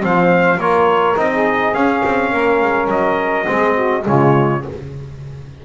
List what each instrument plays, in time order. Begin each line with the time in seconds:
0.00 double bass F3, trombone C4, saxophone C5, trumpet F5
0.57 double bass A#3, trombone F4, saxophone A#4, trumpet C#5
1.16 double bass C4, trombone D#4, trumpet D#5
1.32 saxophone G#4
1.74 double bass C#4, trombone C#4, trumpet F5
2.05 double bass C4
2.31 double bass A#3, saxophone A#4
2.62 double bass G#3
2.88 double bass F#3, trumpet D#5
3.45 double bass G#3, trombone C4, saxophone G#4
3.75 saxophone F#4
4.04 double bass C#3, trombone G#3, saxophone F4, trumpet C#5